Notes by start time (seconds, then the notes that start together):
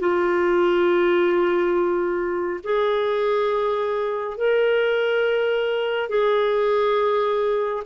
0.00 F4
2.64 G#4
4.38 A#4
6.09 G#4